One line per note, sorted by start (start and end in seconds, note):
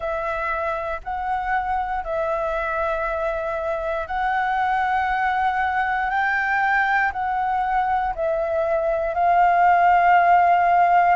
0.00 1.00 E5
1.03 2.04 F#5
2.04 4.07 E5
4.07 6.10 F#5
6.10 7.11 G5
7.12 8.14 F#5
8.14 9.14 E5
9.14 11.15 F5